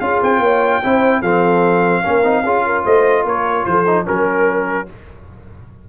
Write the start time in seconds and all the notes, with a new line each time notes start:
0.00 C#4 F4 G#4 F5
0.22 C4 G5
0.39 A#3 C#5
0.83 C4 E4 C5
1.21 F3 C4 A4 F5
2.03 A#3 C#4 A#4
2.23 C4 D#4
2.44 C#4 F4 G#4
2.66 A#4
2.84 A3 C5 D#5
3.24 A#3 A#4 C#5
3.65 F3 A4 C5
3.86 D#4
4.05 F#3 C#4 A#4